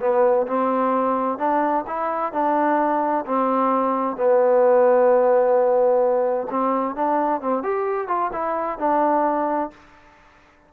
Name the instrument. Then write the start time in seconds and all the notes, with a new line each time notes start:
trombone
0.00 B3
0.47 C4
1.38 D4
1.87 E4
2.32 D4
3.26 C4
4.16 B3
6.50 C4
6.95 D4
7.41 C4
7.63 G4
8.08 F4
8.32 E4
8.78 D4